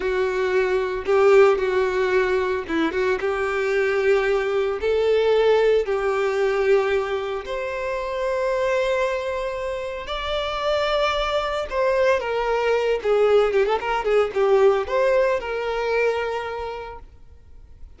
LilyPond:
\new Staff \with { instrumentName = "violin" } { \time 4/4 \tempo 4 = 113 fis'2 g'4 fis'4~ | fis'4 e'8 fis'8 g'2~ | g'4 a'2 g'4~ | g'2 c''2~ |
c''2. d''4~ | d''2 c''4 ais'4~ | ais'8 gis'4 g'16 a'16 ais'8 gis'8 g'4 | c''4 ais'2. | }